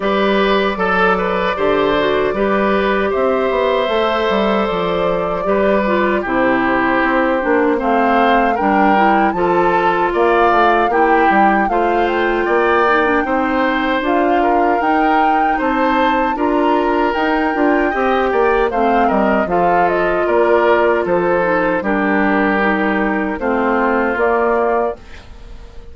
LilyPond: <<
  \new Staff \with { instrumentName = "flute" } { \time 4/4 \tempo 4 = 77 d''1 | e''2 d''2 | c''2 f''4 g''4 | a''4 f''4 g''4 f''8 g''8~ |
g''2 f''4 g''4 | a''4 ais''4 g''2 | f''8 dis''8 f''8 dis''8 d''4 c''4 | ais'2 c''4 d''4 | }
  \new Staff \with { instrumentName = "oboe" } { \time 4/4 b'4 a'8 b'8 c''4 b'4 | c''2. b'4 | g'2 c''4 ais'4 | a'4 d''4 g'4 c''4 |
d''4 c''4. ais'4. | c''4 ais'2 dis''8 d''8 | c''8 ais'8 a'4 ais'4 a'4 | g'2 f'2 | }
  \new Staff \with { instrumentName = "clarinet" } { \time 4/4 g'4 a'4 g'8 fis'8 g'4~ | g'4 a'2 g'8 f'8 | e'4. d'8 c'4 d'8 e'8 | f'2 e'4 f'4~ |
f'8 dis'16 d'16 dis'4 f'4 dis'4~ | dis'4 f'4 dis'8 f'8 g'4 | c'4 f'2~ f'8 dis'8 | d'4 dis'4 c'4 ais4 | }
  \new Staff \with { instrumentName = "bassoon" } { \time 4/4 g4 fis4 d4 g4 | c'8 b8 a8 g8 f4 g4 | c4 c'8 ais8 a4 g4 | f4 ais8 a8 ais8 g8 a4 |
ais4 c'4 d'4 dis'4 | c'4 d'4 dis'8 d'8 c'8 ais8 | a8 g8 f4 ais4 f4 | g2 a4 ais4 | }
>>